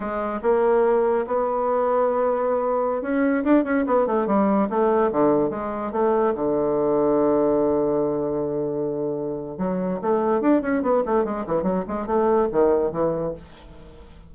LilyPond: \new Staff \with { instrumentName = "bassoon" } { \time 4/4 \tempo 4 = 144 gis4 ais2 b4~ | b2.~ b16 cis'8.~ | cis'16 d'8 cis'8 b8 a8 g4 a8.~ | a16 d4 gis4 a4 d8.~ |
d1~ | d2. fis4 | a4 d'8 cis'8 b8 a8 gis8 e8 | fis8 gis8 a4 dis4 e4 | }